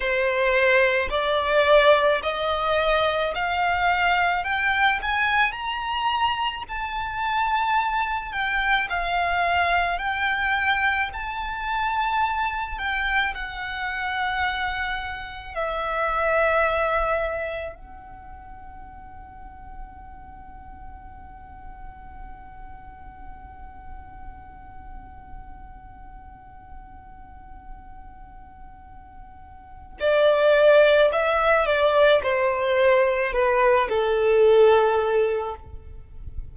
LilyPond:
\new Staff \with { instrumentName = "violin" } { \time 4/4 \tempo 4 = 54 c''4 d''4 dis''4 f''4 | g''8 gis''8 ais''4 a''4. g''8 | f''4 g''4 a''4. g''8 | fis''2 e''2 |
fis''1~ | fis''1~ | fis''2. d''4 | e''8 d''8 c''4 b'8 a'4. | }